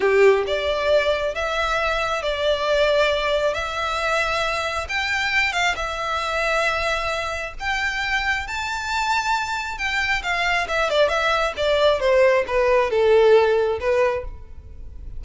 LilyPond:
\new Staff \with { instrumentName = "violin" } { \time 4/4 \tempo 4 = 135 g'4 d''2 e''4~ | e''4 d''2. | e''2. g''4~ | g''8 f''8 e''2.~ |
e''4 g''2 a''4~ | a''2 g''4 f''4 | e''8 d''8 e''4 d''4 c''4 | b'4 a'2 b'4 | }